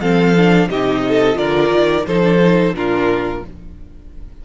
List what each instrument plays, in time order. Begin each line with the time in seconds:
0.00 cello F3, viola C4, violin A4 F5
0.37 viola D4
0.68 cello C3, viola D#4, violin G4 D#5
1.08 violin A4
1.34 cello D3, viola F4, violin A#4 D5
1.71 cello D#3
2.06 cello F3, viola D#4, violin A4 C5
2.22 viola D4
2.41 viola D#4
2.72 cello A#2, viola D4, violin F4 A#4